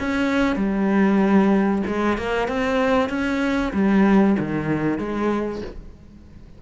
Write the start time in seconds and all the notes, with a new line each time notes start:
0.00 C#4
0.57 G3
1.87 G#3
2.18 A#3
2.48 C4
3.10 C#4
3.74 G3
4.39 D#3
4.99 G#3